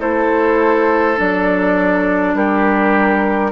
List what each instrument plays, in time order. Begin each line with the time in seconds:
0.00 bassoon A3, clarinet E4, oboe A4, flute C5
1.17 bassoon F#3, clarinet D4, flute D5
2.35 bassoon G3, oboe G4, flute A#4